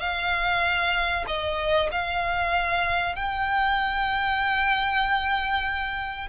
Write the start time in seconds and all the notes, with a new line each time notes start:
0.00 F5
1.27 D#5
1.91 F5
3.16 G5